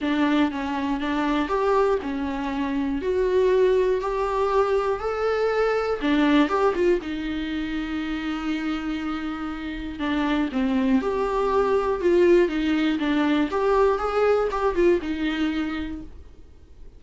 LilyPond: \new Staff \with { instrumentName = "viola" } { \time 4/4 \tempo 4 = 120 d'4 cis'4 d'4 g'4 | cis'2 fis'2 | g'2 a'2 | d'4 g'8 f'8 dis'2~ |
dis'1 | d'4 c'4 g'2 | f'4 dis'4 d'4 g'4 | gis'4 g'8 f'8 dis'2 | }